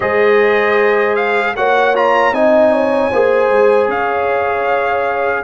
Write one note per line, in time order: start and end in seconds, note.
0.00 1.55 G#3
0.00 1.55 G#4
0.00 1.55 C5
0.00 1.15 D#5
1.15 1.54 F5
1.55 2.31 A#3
1.55 1.94 F#4
1.55 2.34 C#5
1.55 1.95 F#5
1.94 2.33 F4
1.94 2.34 A#5
2.31 3.09 C4
2.31 3.11 D#4
2.31 2.72 D#5
2.31 3.89 G#5
2.72 3.10 C#5
3.10 3.49 A#3
3.10 5.44 G#4
3.10 3.88 C5
3.49 3.88 G#3
3.88 5.44 C#4
3.88 5.44 C#5
3.88 5.44 F5